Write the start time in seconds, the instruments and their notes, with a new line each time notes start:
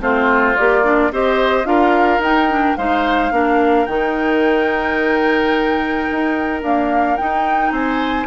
0.00 bassoon A3, clarinet C4, oboe F4, flute C5
0.56 bassoon A#3, clarinet G4, flute D5
0.83 clarinet D4
1.11 bassoon C4, clarinet G4, oboe C5, flute D#5
1.64 bassoon D4, clarinet F4, oboe A#4, flute F5
2.18 bassoon D#4, clarinet D#4, flute G5
2.50 clarinet D4
2.76 bassoon G#3, clarinet D#4, oboe C5, flute F5
3.31 bassoon A#3, clarinet D4, oboe A#4
3.85 bassoon D#3, clarinet D#4, flute G5
6.11 bassoon D#4
6.62 clarinet A#3, bassoon D4, flute F5
7.17 clarinet D#4, bassoon D#4, flute G5
7.71 bassoon C4, oboe C5, flute G#5